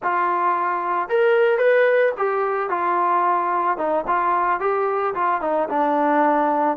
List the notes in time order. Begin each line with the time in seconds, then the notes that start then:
0.02 F4
1.08 A#4
1.58 B4
2.17 G4
2.69 F4
3.77 D#4
4.07 F4
4.59 G4
5.14 F4
5.41 D#4
5.69 D4